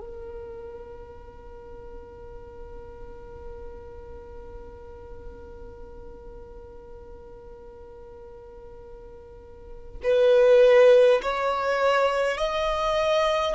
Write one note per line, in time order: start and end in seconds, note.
0.00 10.00 A#4
10.03 11.21 B4
11.22 12.37 C#5
12.37 13.55 D#5